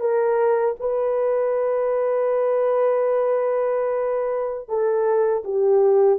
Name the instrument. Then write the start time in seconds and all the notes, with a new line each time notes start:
horn
0.00 A#4
0.80 B4
4.68 A4
5.44 G4